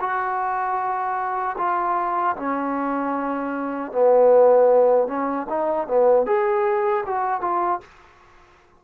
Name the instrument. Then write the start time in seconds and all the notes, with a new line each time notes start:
trombone
0.00 F#4
1.58 F4
2.36 C#4
3.92 B3
5.07 C#4
5.49 D#4
5.87 B3
6.26 G#4
7.06 F#4
7.41 F4